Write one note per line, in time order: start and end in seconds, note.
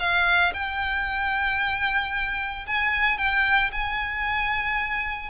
0.00 0.53 F5
0.54 2.66 G5
2.67 3.18 G#5
3.18 3.71 G5
3.72 5.30 G#5